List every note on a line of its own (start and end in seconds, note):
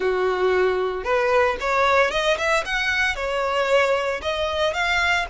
0.00 1.04 F#4
1.04 1.56 B4
1.60 2.11 C#5
2.11 2.37 D#5
2.37 2.64 E5
2.65 3.15 F#5
3.15 4.21 C#5
4.22 4.73 D#5
4.73 5.26 F5